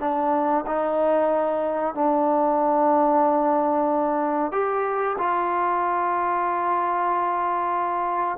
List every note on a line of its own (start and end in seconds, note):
0.00 0.65 D4
0.67 1.95 D#4
1.95 4.52 D4
4.52 5.16 G4
5.18 8.38 F4